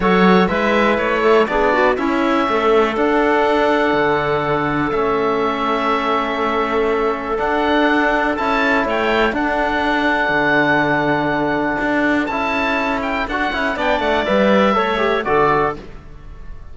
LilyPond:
<<
  \new Staff \with { instrumentName = "oboe" } { \time 4/4 \tempo 4 = 122 cis''4 e''4 cis''4 d''4 | e''2 fis''2~ | fis''2 e''2~ | e''2. fis''4~ |
fis''4 a''4 g''4 fis''4~ | fis''1~ | fis''4 a''4. g''8 fis''4 | g''8 fis''8 e''2 d''4 | }
  \new Staff \with { instrumentName = "clarinet" } { \time 4/4 a'4 b'4. a'8 gis'8 fis'8 | e'4 a'2.~ | a'1~ | a'1~ |
a'2 cis''4 a'4~ | a'1~ | a'1 | d''2 cis''4 a'4 | }
  \new Staff \with { instrumentName = "trombone" } { \time 4/4 fis'4 e'2 d'4 | cis'2 d'2~ | d'2 cis'2~ | cis'2. d'4~ |
d'4 e'2 d'4~ | d'1~ | d'4 e'2 fis'8 e'8 | d'4 b'4 a'8 g'8 fis'4 | }
  \new Staff \with { instrumentName = "cello" } { \time 4/4 fis4 gis4 a4 b4 | cis'4 a4 d'2 | d2 a2~ | a2. d'4~ |
d'4 cis'4 a4 d'4~ | d'4 d2. | d'4 cis'2 d'8 cis'8 | b8 a8 g4 a4 d4 | }
>>